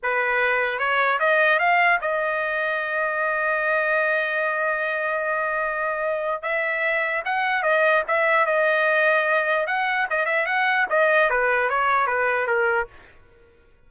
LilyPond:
\new Staff \with { instrumentName = "trumpet" } { \time 4/4 \tempo 4 = 149 b'2 cis''4 dis''4 | f''4 dis''2.~ | dis''1~ | dis''1 |
e''2 fis''4 dis''4 | e''4 dis''2. | fis''4 dis''8 e''8 fis''4 dis''4 | b'4 cis''4 b'4 ais'4 | }